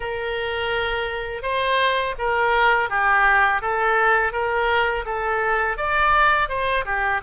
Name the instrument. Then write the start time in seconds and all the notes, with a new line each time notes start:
oboe
0.00 A#4
1.42 C5
2.18 A#4
2.89 G4
3.61 A4
4.32 A#4
5.05 A4
5.77 D5
6.48 C5
6.85 G4